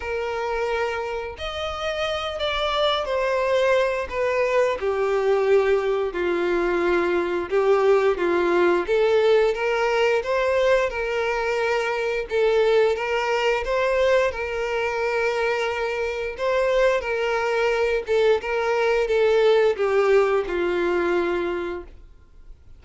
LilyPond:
\new Staff \with { instrumentName = "violin" } { \time 4/4 \tempo 4 = 88 ais'2 dis''4. d''8~ | d''8 c''4. b'4 g'4~ | g'4 f'2 g'4 | f'4 a'4 ais'4 c''4 |
ais'2 a'4 ais'4 | c''4 ais'2. | c''4 ais'4. a'8 ais'4 | a'4 g'4 f'2 | }